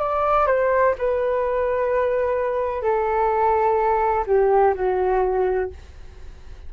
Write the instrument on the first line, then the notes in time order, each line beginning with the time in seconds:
flute
0.00 D5
0.47 C5
0.99 B4
2.83 A4
4.27 G4
4.75 F#4